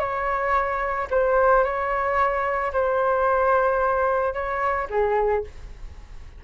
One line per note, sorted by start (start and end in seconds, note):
0.00 1.08 C#5
1.11 1.64 C5
1.64 2.72 C#5
2.73 4.34 C5
4.34 4.88 C#5
4.90 5.44 G#4